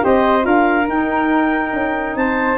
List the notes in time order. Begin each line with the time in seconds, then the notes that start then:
0.00 C4 G4 C5 D#5
0.41 D4 F4 A#4 F5
0.89 D#4 G5
1.72 C#4
2.16 C4 C5 A5